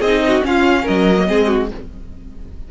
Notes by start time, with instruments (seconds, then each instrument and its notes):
0.00 cello C4, viola D#4, violin G#4 D#5
0.28 violin F#4
0.42 viola C#4, cello C#4, violin F4 F5
0.82 violin A#4 D#5
0.88 cello F#3
1.17 viola A#3
1.27 cello G#3, viola C4, violin G#4
1.47 violin F#4